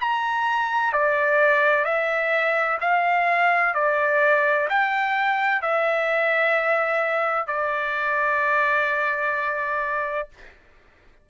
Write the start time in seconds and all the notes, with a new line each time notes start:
0.00 A#5
0.92 D5
1.84 E5
2.80 F5
3.74 D5
4.69 G5
5.61 E5
7.47 D5